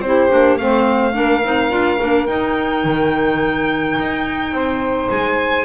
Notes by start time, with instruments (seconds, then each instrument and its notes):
0.00 double bass C4, clarinet E4, saxophone G4, violin C5
0.30 double bass A#3, clarinet D4
0.58 double bass A3, clarinet C4, saxophone C5, violin F5
1.13 double bass A#3, clarinet D4, saxophone A#4
1.44 double bass C4, clarinet D#4
1.70 double bass D4, clarinet F4
2.00 double bass A#3, clarinet D4
2.27 double bass D#4, clarinet D#4, violin G5
2.84 double bass D#3
3.99 double bass D#4
4.52 double bass C4, saxophone C5
5.10 double bass G#3, violin G#5